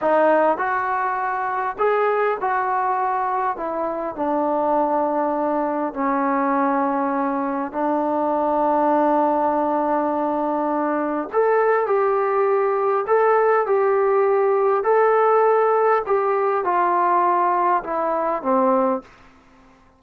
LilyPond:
\new Staff \with { instrumentName = "trombone" } { \time 4/4 \tempo 4 = 101 dis'4 fis'2 gis'4 | fis'2 e'4 d'4~ | d'2 cis'2~ | cis'4 d'2.~ |
d'2. a'4 | g'2 a'4 g'4~ | g'4 a'2 g'4 | f'2 e'4 c'4 | }